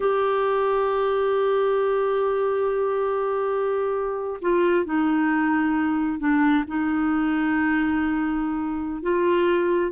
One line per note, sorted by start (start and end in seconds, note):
0.00 4.40 G4
4.41 4.85 F4
4.85 6.19 D#4
6.19 6.64 D4
6.67 9.02 D#4
9.02 9.91 F4